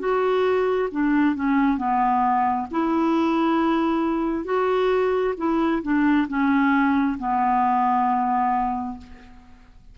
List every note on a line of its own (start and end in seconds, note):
0.00 0.90 F#4
0.92 1.36 D4
1.36 1.78 C#4
1.78 2.67 B3
2.72 4.45 E4
4.45 5.35 F#4
5.38 5.82 E4
5.83 6.28 D4
6.28 7.18 C#4
7.19 8.98 B3